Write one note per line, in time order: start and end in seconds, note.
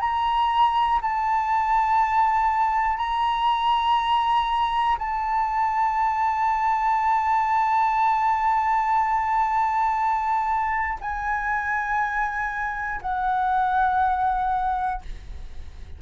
0.00 1.00 A#5
1.01 2.97 A5
2.97 4.97 A#5
4.98 10.98 A5
11.00 13.00 G#5
13.01 15.01 F#5